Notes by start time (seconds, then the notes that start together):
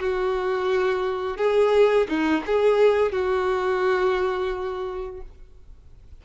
0.00 F#4
1.37 G#4
2.09 D#4
2.46 G#4
3.12 F#4